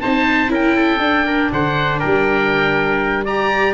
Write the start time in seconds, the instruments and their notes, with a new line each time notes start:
0.00 tuba C4, viola D#4, trumpet C5, oboe A5
0.48 tuba C#4, viola E4, trumpet A#4, oboe G5
0.76 trumpet A4
0.99 tuba D4, viola D4
1.25 trumpet A#4
1.52 tuba D3, trumpet C5, oboe F#5
1.99 tuba G3, trumpet A#4, oboe G5
3.24 viola G4, trumpet D5, oboe A#5